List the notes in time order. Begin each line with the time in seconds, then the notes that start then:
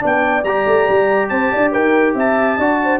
0.00 B3 D4 D5
0.06 G5
0.44 G3 G4 A#5
0.67 A3
0.89 G3
1.29 C4 C5 A5
1.52 D4 D5
1.73 D#4 A#4 G5
2.15 C4 E5 A5
2.57 D4 F#4 D5
2.83 C5